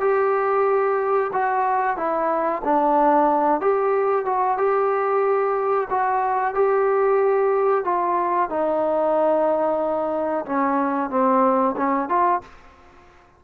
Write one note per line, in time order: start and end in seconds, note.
0.00 1.30 G4
1.32 1.96 F#4
1.96 2.61 E4
2.64 3.60 D4
3.60 4.25 G4
4.25 4.57 F#4
4.57 5.88 G4
5.90 6.54 F#4
6.54 7.84 G4
7.84 8.49 F4
8.49 10.45 D#4
10.45 11.10 C#4
11.10 11.75 C4
11.76 12.08 C#4
12.08 12.41 F4